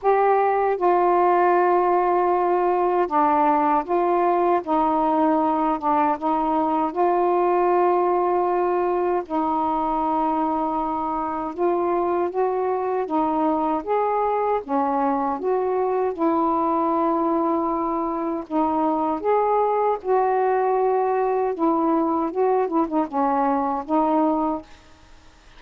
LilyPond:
\new Staff \with { instrumentName = "saxophone" } { \time 4/4 \tempo 4 = 78 g'4 f'2. | d'4 f'4 dis'4. d'8 | dis'4 f'2. | dis'2. f'4 |
fis'4 dis'4 gis'4 cis'4 | fis'4 e'2. | dis'4 gis'4 fis'2 | e'4 fis'8 e'16 dis'16 cis'4 dis'4 | }